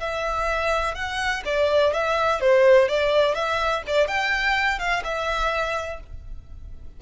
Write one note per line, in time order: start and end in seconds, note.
0.00 0.95 E5
0.95 1.43 F#5
1.46 1.94 D5
1.94 2.40 E5
2.40 2.88 C5
2.88 3.35 D5
3.35 3.83 E5
3.87 4.08 D5
4.08 4.79 G5
4.79 5.03 F5
5.04 6.00 E5